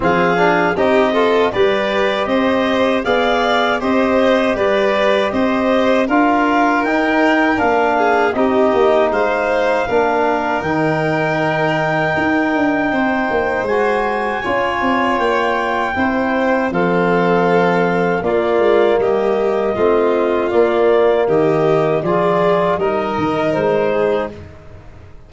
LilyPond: <<
  \new Staff \with { instrumentName = "clarinet" } { \time 4/4 \tempo 4 = 79 f''4 dis''4 d''4 dis''4 | f''4 dis''4 d''4 dis''4 | f''4 g''4 f''4 dis''4 | f''2 g''2~ |
g''2 gis''2 | g''2 f''2 | d''4 dis''2 d''4 | dis''4 d''4 dis''4 c''4 | }
  \new Staff \with { instrumentName = "violin" } { \time 4/4 gis'4 g'8 a'8 b'4 c''4 | d''4 c''4 b'4 c''4 | ais'2~ ais'8 gis'8 g'4 | c''4 ais'2.~ |
ais'4 c''2 cis''4~ | cis''4 c''4 a'2 | f'4 g'4 f'2 | g'4 gis'4 ais'4. gis'8 | }
  \new Staff \with { instrumentName = "trombone" } { \time 4/4 c'8 d'8 dis'8 f'8 g'2 | gis'4 g'2. | f'4 dis'4 d'4 dis'4~ | dis'4 d'4 dis'2~ |
dis'2 fis'4 f'4~ | f'4 e'4 c'2 | ais2 c'4 ais4~ | ais4 f'4 dis'2 | }
  \new Staff \with { instrumentName = "tuba" } { \time 4/4 f4 c'4 g4 c'4 | b4 c'4 g4 c'4 | d'4 dis'4 ais4 c'8 ais8 | gis4 ais4 dis2 |
dis'8 d'8 c'8 ais8 gis4 cis'8 c'8 | ais4 c'4 f2 | ais8 gis8 g4 a4 ais4 | dis4 f4 g8 dis8 gis4 | }
>>